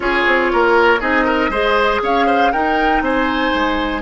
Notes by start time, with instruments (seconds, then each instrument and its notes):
0.00 bassoon C#4, clarinet F4, oboe G#4, flute C#5
0.26 bassoon C4
0.52 bassoon A#3, oboe A#4
1.00 bassoon C4, clarinet D#4, oboe G#4, flute D#5
1.24 oboe A#4
1.49 bassoon G#3, clarinet G#4, oboe C5
2.02 bassoon C#4, oboe C#5, flute F5
2.26 oboe C5
2.52 clarinet D#4, bassoon D#4, oboe A#4, flute G5
3.01 bassoon C4, oboe C5, flute G#5
3.54 bassoon G#3